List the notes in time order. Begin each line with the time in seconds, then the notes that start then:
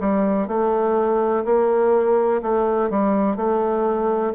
0.00 G3
0.48 A3
1.44 A#3
2.42 A3
2.90 G3
3.36 A3